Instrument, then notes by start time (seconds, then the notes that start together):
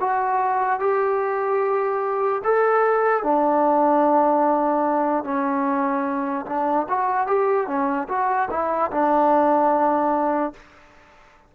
trombone
0.00 F#4
0.80 G4
2.44 A4
3.23 D4
5.24 C#4
6.46 D4
6.89 F#4
7.27 G4
7.67 C#4
8.09 F#4
8.51 E4
8.91 D4